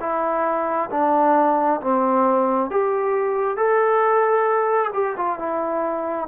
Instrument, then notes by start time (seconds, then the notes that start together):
trombone
0.00 E4
0.91 D4
1.81 C4
2.70 G4
3.57 A4
4.93 G4
5.17 F4
5.39 E4